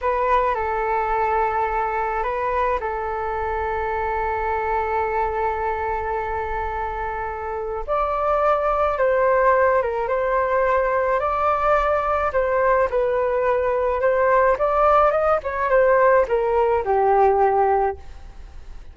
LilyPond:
\new Staff \with { instrumentName = "flute" } { \time 4/4 \tempo 4 = 107 b'4 a'2. | b'4 a'2.~ | a'1~ | a'2 d''2 |
c''4. ais'8 c''2 | d''2 c''4 b'4~ | b'4 c''4 d''4 dis''8 cis''8 | c''4 ais'4 g'2 | }